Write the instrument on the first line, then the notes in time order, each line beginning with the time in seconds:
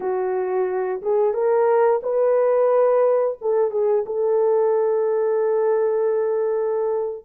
horn
0.00 F#4
1.02 G#4
1.33 A#4
2.02 B4
3.41 A4
3.70 G#4
4.06 A4